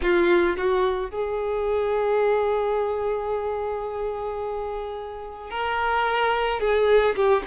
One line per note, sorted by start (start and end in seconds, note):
0.02 0.56 F4
0.56 1.10 F#4
1.10 5.50 G#4
5.50 6.60 A#4
6.60 7.15 G#4
7.15 7.43 G4